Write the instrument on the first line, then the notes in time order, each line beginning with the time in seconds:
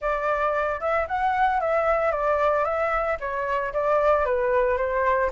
flute
0.01 D5
0.80 E5
1.07 F#5
1.60 E5
2.11 D5
2.64 E5
3.20 C#5
3.73 D5
4.25 B4
4.77 C5